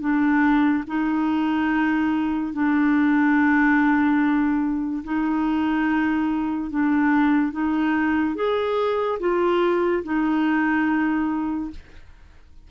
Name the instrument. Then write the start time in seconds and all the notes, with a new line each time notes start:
clarinet
0.00 D4
0.87 D#4
2.53 D4
5.04 D#4
6.70 D4
7.52 D#4
8.35 G#4
9.20 F4
10.03 D#4